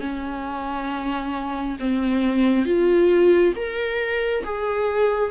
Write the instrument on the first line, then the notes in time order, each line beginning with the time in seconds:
viola
0.00 C#4
1.79 C4
2.65 F4
3.55 A#4
4.44 G#4